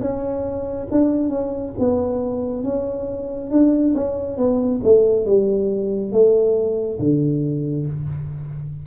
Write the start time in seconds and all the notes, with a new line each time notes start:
0.00 C#4
0.91 D4
1.29 C#4
1.78 B3
2.63 C#4
3.50 D4
3.94 C#4
4.37 B3
4.83 A3
5.25 G3
6.11 A3
6.99 D3